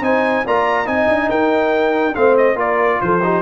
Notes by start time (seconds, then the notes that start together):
0.00 C4 D#4 C5 G#5
0.46 A#3 F4 D5 A#5
0.85 C4 D#4 G#5
0.93 D#5
1.08 D4
1.29 D#4 A#4 G5
2.14 A3 C4 C5 F5
2.37 D#5
2.55 A#3 F4 A#4 D5
3.01 F3 A4 C5
3.23 D#4 G4